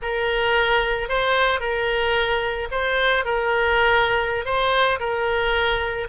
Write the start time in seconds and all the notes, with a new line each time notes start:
0.02 A#4
1.08 C5
1.60 A#4
2.71 C5
3.25 A#4
4.45 C5
4.99 A#4